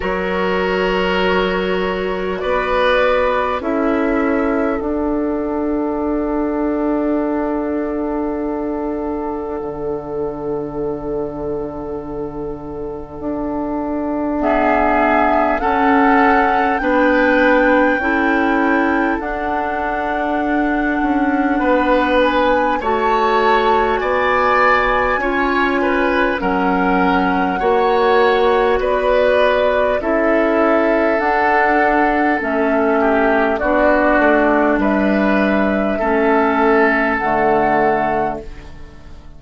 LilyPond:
<<
  \new Staff \with { instrumentName = "flute" } { \time 4/4 \tempo 4 = 50 cis''2 d''4 e''4 | fis''1~ | fis''1 | e''4 fis''4 g''2 |
fis''2~ fis''8 gis''8 a''4 | gis''2 fis''2 | d''4 e''4 fis''4 e''4 | d''4 e''2 fis''4 | }
  \new Staff \with { instrumentName = "oboe" } { \time 4/4 ais'2 b'4 a'4~ | a'1~ | a'1 | gis'4 a'4 b'4 a'4~ |
a'2 b'4 cis''4 | d''4 cis''8 b'8 ais'4 cis''4 | b'4 a'2~ a'8 g'8 | fis'4 b'4 a'2 | }
  \new Staff \with { instrumentName = "clarinet" } { \time 4/4 fis'2. e'4 | d'1~ | d'1 | b4 cis'4 d'4 e'4 |
d'2. fis'4~ | fis'4 f'4 cis'4 fis'4~ | fis'4 e'4 d'4 cis'4 | d'2 cis'4 a4 | }
  \new Staff \with { instrumentName = "bassoon" } { \time 4/4 fis2 b4 cis'4 | d'1 | d2. d'4~ | d'4 cis'4 b4 cis'4 |
d'4. cis'8 b4 a4 | b4 cis'4 fis4 ais4 | b4 cis'4 d'4 a4 | b8 a8 g4 a4 d4 | }
>>